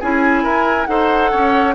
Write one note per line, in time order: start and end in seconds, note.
0.00 0.43 C#4
0.00 0.87 E4
0.00 0.43 G#4
0.00 0.86 G#5
0.43 0.87 E4
0.43 0.87 A#4
0.86 1.32 D#4
0.86 1.74 A4
0.86 1.31 C5
0.86 1.73 F#5
1.31 1.75 C#4
1.31 1.75 C#5